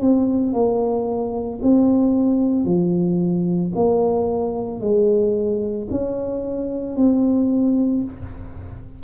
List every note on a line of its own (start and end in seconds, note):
0.00 0.53 C4
0.53 1.60 A#3
1.62 2.65 C4
2.65 3.72 F3
3.75 4.80 A#3
4.80 5.87 G#3
5.90 6.96 C#4
6.96 8.03 C4